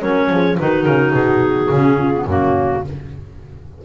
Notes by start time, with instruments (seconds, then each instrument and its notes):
0.00 double bass F#3, clarinet C#4 C#5, horn A#4
0.30 double bass F3, horn G#4
0.59 double bass D#3, clarinet D#4 B4, horn F#4
0.83 double bass C#3, clarinet A#4
1.13 double bass B2, clarinet G#4
1.69 double bass C#3, clarinet C#4
1.98 horn F4
2.14 clarinet B3
2.25 double bass F#2, clarinet A#3 F#4, horn C#4